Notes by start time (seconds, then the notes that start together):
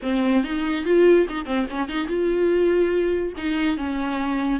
0.02 C4
0.43 D#4
0.85 F4
1.29 D#4
1.45 C4
1.70 C#4
1.88 D#4
2.07 F4
3.37 D#4
3.77 C#4